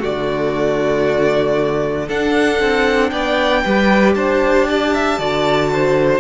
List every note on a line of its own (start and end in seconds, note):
0.00 2.09 D3
0.00 2.07 A3
0.00 2.07 F#4
0.00 2.09 D5
2.08 2.60 D4
2.08 3.66 D4
2.08 3.11 A4
2.08 3.10 F#5
2.60 3.12 C4
3.10 3.64 B3
3.10 3.64 D5
3.10 4.14 G5
3.64 4.16 G3
3.64 5.20 G4
3.64 4.16 B4
4.15 5.19 D4
4.15 4.68 C5
4.15 6.20 A5
4.69 4.94 D5
4.94 5.19 E5
5.19 6.20 D3
5.19 6.20 F#4
5.19 5.71 D5
5.73 6.20 C5